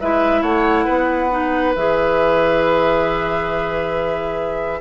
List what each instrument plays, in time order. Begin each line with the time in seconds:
0.00 bassoon G#3, clarinet E4, oboe B4, flute E5
0.42 bassoon A3, oboe C#5, flute F#5
0.85 bassoon B3, oboe B4
1.30 clarinet D#4
1.75 bassoon E3, clarinet G#4, flute E5